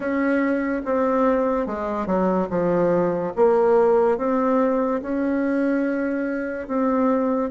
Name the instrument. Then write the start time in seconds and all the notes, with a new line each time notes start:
bassoon
0.00 C#4
0.85 C4
1.66 G#3
2.06 F#3
2.50 F3
3.36 A#3
4.17 C4
5.02 C#4
6.67 C4